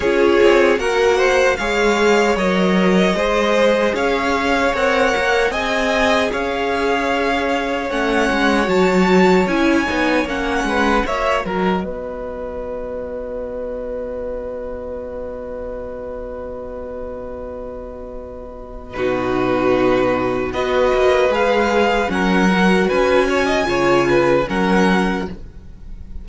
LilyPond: <<
  \new Staff \with { instrumentName = "violin" } { \time 4/4 \tempo 4 = 76 cis''4 fis''4 f''4 dis''4~ | dis''4 f''4 fis''4 gis''4 | f''2 fis''4 a''4 | gis''4 fis''4 e''8 dis''4.~ |
dis''1~ | dis''1 | b'2 dis''4 f''4 | fis''4 gis''2 fis''4 | }
  \new Staff \with { instrumentName = "violin" } { \time 4/4 gis'4 ais'8 c''8 cis''2 | c''4 cis''2 dis''4 | cis''1~ | cis''4. b'8 cis''8 ais'8 b'4~ |
b'1~ | b'1 | fis'2 b'2 | ais'4 b'8 cis''16 dis''16 cis''8 b'8 ais'4 | }
  \new Staff \with { instrumentName = "viola" } { \time 4/4 f'4 fis'4 gis'4 ais'4 | gis'2 ais'4 gis'4~ | gis'2 cis'4 fis'4 | e'8 dis'8 cis'4 fis'2~ |
fis'1~ | fis'1 | dis'2 fis'4 gis'4 | cis'8 fis'4. f'4 cis'4 | }
  \new Staff \with { instrumentName = "cello" } { \time 4/4 cis'8 c'8 ais4 gis4 fis4 | gis4 cis'4 c'8 ais8 c'4 | cis'2 a8 gis8 fis4 | cis'8 b8 ais8 gis8 ais8 fis8 b4~ |
b1~ | b1 | b,2 b8 ais8 gis4 | fis4 cis'4 cis4 fis4 | }
>>